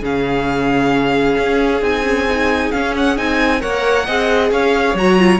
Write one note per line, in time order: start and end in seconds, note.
0.00 1.36 C#3
0.00 1.82 C#4
0.00 3.58 G#4
0.00 1.83 F5
1.37 1.81 C#4
1.81 2.71 C4
1.81 2.04 D#4
1.81 2.71 G#5
2.04 2.26 C#4
2.29 2.74 D#4
2.71 3.17 C#4
2.71 3.18 C#4
2.71 2.94 F5
2.97 3.17 F#5
3.17 3.63 C4
3.17 3.60 D#4
3.17 3.61 G#5
3.60 4.08 A#3
3.60 4.05 A#4
3.60 4.06 C#5
3.60 4.51 F#5
4.06 4.51 C4
4.06 4.97 G#4
4.06 4.51 D#5
4.51 4.94 C#4
4.51 5.40 C#5
4.51 4.97 F5
4.94 5.39 F#3
4.94 5.18 F#4
4.94 5.40 A#5
5.18 5.40 F4